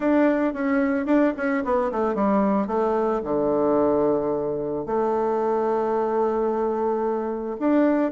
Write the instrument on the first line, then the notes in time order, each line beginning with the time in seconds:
bassoon
0.00 D4
0.53 C#4
1.06 D4
1.36 C#4
1.64 B3
1.91 A3
2.14 G3
2.67 A3
3.24 D3
4.86 A3
7.59 D4